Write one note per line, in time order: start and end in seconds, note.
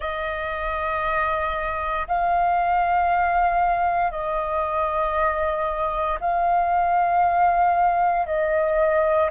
0.00 2.07 D#5
2.07 4.11 F5
4.11 6.18 D#5
6.20 8.26 F5
8.26 9.30 D#5